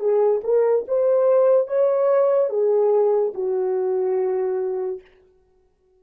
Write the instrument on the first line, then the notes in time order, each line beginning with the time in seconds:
horn
0.00 G#4
0.44 A#4
0.88 C5
1.67 C#5
2.50 G#4
3.34 F#4